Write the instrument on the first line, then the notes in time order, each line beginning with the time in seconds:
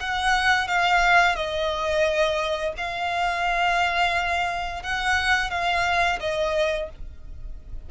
violin
0.00 F#5
0.68 F5
1.36 D#5
2.77 F5
4.83 F#5
5.50 F5
6.20 D#5